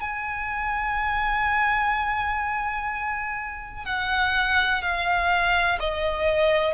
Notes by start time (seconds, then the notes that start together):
0.00 G#5
3.84 F#5
4.82 F5
5.79 D#5